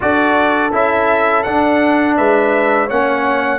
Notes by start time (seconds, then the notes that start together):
0.00 D4 F#4 A4 D5
0.72 C#4 E4 E5
1.43 D4 F#5
2.16 G#3 B4 E5
2.86 A#3 C#4 C#5 F#5